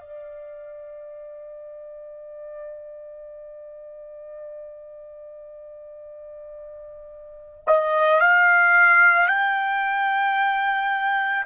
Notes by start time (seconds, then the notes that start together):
0.00 D5
7.67 D#5
8.20 F5
9.28 G5